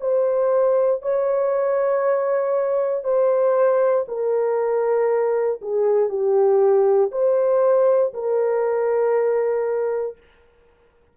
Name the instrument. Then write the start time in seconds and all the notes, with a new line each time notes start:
horn
0.00 C5
1.02 C#5
3.04 C5
4.08 A#4
5.61 G#4
6.09 G4
7.11 C5
8.14 A#4